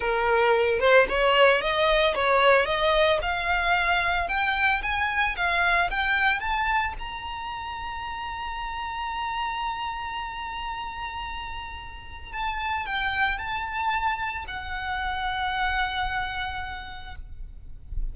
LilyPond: \new Staff \with { instrumentName = "violin" } { \time 4/4 \tempo 4 = 112 ais'4. c''8 cis''4 dis''4 | cis''4 dis''4 f''2 | g''4 gis''4 f''4 g''4 | a''4 ais''2.~ |
ais''1~ | ais''2. a''4 | g''4 a''2 fis''4~ | fis''1 | }